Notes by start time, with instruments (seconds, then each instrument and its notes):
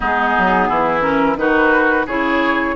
0.00 bassoon G#3, clarinet B3, oboe D#4, flute G#4
0.38 bassoon F#3
0.68 bassoon E3, oboe E4
1.01 clarinet C#4, flute A#4
1.36 bassoon D#3, clarinet D#4, oboe F#4, flute B4
2.06 bassoon C#3, clarinet E4, oboe G#4, flute C#5